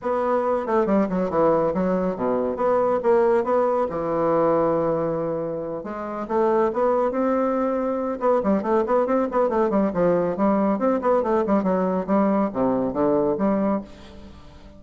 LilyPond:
\new Staff \with { instrumentName = "bassoon" } { \time 4/4 \tempo 4 = 139 b4. a8 g8 fis8 e4 | fis4 b,4 b4 ais4 | b4 e2.~ | e4. gis4 a4 b8~ |
b8 c'2~ c'8 b8 g8 | a8 b8 c'8 b8 a8 g8 f4 | g4 c'8 b8 a8 g8 fis4 | g4 c4 d4 g4 | }